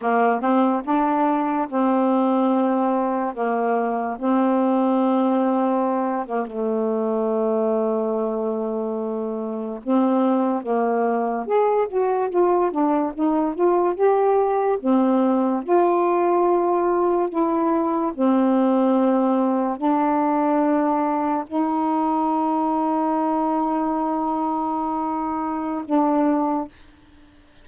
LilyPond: \new Staff \with { instrumentName = "saxophone" } { \time 4/4 \tempo 4 = 72 ais8 c'8 d'4 c'2 | ais4 c'2~ c'8 ais16 a16~ | a2.~ a8. c'16~ | c'8. ais4 gis'8 fis'8 f'8 d'8 dis'16~ |
dis'16 f'8 g'4 c'4 f'4~ f'16~ | f'8. e'4 c'2 d'16~ | d'4.~ d'16 dis'2~ dis'16~ | dis'2. d'4 | }